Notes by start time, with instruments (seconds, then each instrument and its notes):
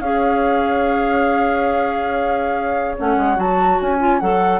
0.00 bassoon C#4, clarinet G#4, oboe C#5, flute F5
2.99 bassoon A3, clarinet C#4, flute F#5
3.17 bassoon G#3
3.36 bassoon F#3, clarinet F#4, flute A5
3.81 bassoon C#4, flute G#5
4.00 clarinet F4
4.20 bassoon F#3, clarinet A4, flute F#5